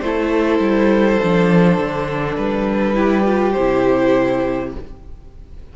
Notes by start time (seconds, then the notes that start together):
0.00 A3 E4 A4 C5
0.59 G3
1.23 F3 D4
1.78 D3
2.37 G3 B4
2.94 E4 G4
3.25 F4
3.52 C3 C5
3.58 E4